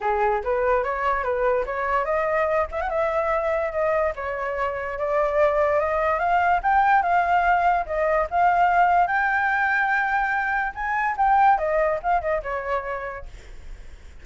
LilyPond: \new Staff \with { instrumentName = "flute" } { \time 4/4 \tempo 4 = 145 gis'4 b'4 cis''4 b'4 | cis''4 dis''4. e''16 fis''16 e''4~ | e''4 dis''4 cis''2 | d''2 dis''4 f''4 |
g''4 f''2 dis''4 | f''2 g''2~ | g''2 gis''4 g''4 | dis''4 f''8 dis''8 cis''2 | }